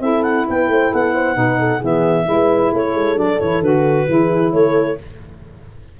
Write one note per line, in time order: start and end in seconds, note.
0.00 0.46 C4
0.00 1.34 E4
0.00 0.48 A4
0.00 0.23 E5
0.23 0.46 F#5
0.48 0.68 B3
0.48 0.71 B4
0.48 0.94 G5
0.68 0.91 A3
0.68 0.92 C5
0.92 1.37 B3
0.92 1.15 A4
0.92 1.84 F#5
1.15 1.37 C5
1.34 1.81 B2
1.34 1.80 D#4
1.34 1.59 B4
1.59 1.80 A4
1.80 2.26 E3
1.80 2.26 B3
1.80 2.25 G#4
1.80 2.75 E5
2.26 2.73 G#3
2.26 3.16 E4
2.26 2.73 B4
2.73 2.95 A3
2.73 4.08 A4
2.73 3.19 C#5
2.95 3.17 G#3
3.16 3.39 F#3
3.16 3.38 D4
3.16 3.40 D5
3.40 3.61 E3
3.40 3.64 E4
3.40 3.62 C#5
3.61 4.06 D3
3.61 4.08 F#4
3.61 4.53 B4
4.08 4.53 E3
4.08 4.98 E4
4.08 4.55 G#4
4.53 4.98 A3
4.53 5.00 A4
4.53 4.98 C#5